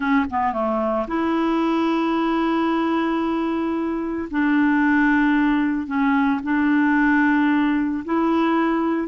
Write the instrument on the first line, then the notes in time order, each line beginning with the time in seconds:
clarinet
0.00 C#4
0.30 B3
0.52 A3
1.07 E4
4.30 D4
5.86 C#4
6.43 D4
8.04 E4